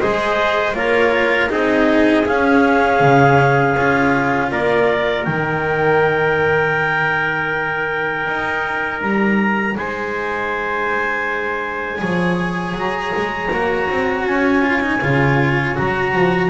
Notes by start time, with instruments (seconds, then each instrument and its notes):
0.00 double bass G#3, cello G#4, trumpet C5, clarinet D#5
0.73 double bass A#3, cello F4, trumpet A#4, clarinet C#5
1.49 double bass C4, cello D#4, trumpet G#4, clarinet D#5
2.25 cello C#4, double bass C#4, clarinet F5
3.00 double bass C#3
3.76 double bass C#4, cello F4
4.51 double bass A#3, trumpet A#4, clarinet D5
5.24 double bass D#3, cello D#4, clarinet G5
8.27 double bass D#4
9.01 double bass G3, clarinet A#5
9.77 double bass G#3, trumpet C5, clarinet G#5
11.98 double bass F3, cello G#4, trumpet C#5
12.74 double bass F#3, clarinet A#5
13.16 double bass G#3
13.51 double bass A#3, cello F#4
13.89 double bass C4
14.26 double bass C#4, clarinet G#5
14.62 cello F4
14.81 cello D#4
15.01 double bass C#3, cello F4
15.75 double bass F#3, cello F#4, clarinet A#5
16.16 double bass F3